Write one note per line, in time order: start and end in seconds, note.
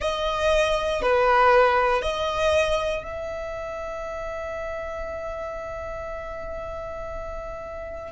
0.00 1.02 D#5
1.02 2.02 B4
2.02 3.03 D#5
3.03 8.12 E5